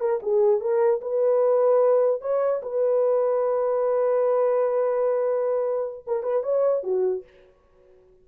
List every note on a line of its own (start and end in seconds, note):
0.00 0.20 A#4
0.22 0.60 G#4
0.60 1.00 A#4
1.01 2.21 B4
2.21 2.61 C#5
2.62 6.05 B4
6.07 6.23 A#4
6.23 6.43 B4
6.43 6.83 C#5
6.83 7.24 F#4